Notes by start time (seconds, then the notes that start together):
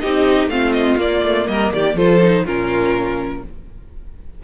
0.00 C4 D#4 G4 D#5
0.47 A3 C4 F4 F5
0.73 D#5
0.97 A#3 D5
1.23 A3
1.48 G3 A#4 D#5
1.73 D#3 G4 D5
1.95 F3 F4 A4 C5
2.23 D#4
2.45 A#2 C#4 F4 A#4